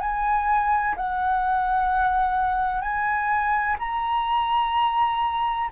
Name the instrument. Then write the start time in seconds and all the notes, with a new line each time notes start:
flute
0.00 G#5
0.96 F#5
2.81 G#5
3.79 A#5